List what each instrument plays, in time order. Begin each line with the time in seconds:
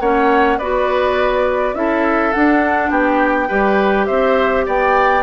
0.00 bassoon A#3, clarinet C#4, oboe C#5, flute F#5
0.58 bassoon B3, clarinet F#4, oboe B4, flute D5
1.74 bassoon C#4, clarinet E4, oboe A4, flute E5
2.33 clarinet D4, bassoon D4, flute F#5
2.90 bassoon B3, oboe G4, flute G5
3.48 bassoon G3, clarinet G4, oboe B4
4.06 bassoon C4, oboe C5, flute E5
4.66 bassoon B3, oboe D5, flute G5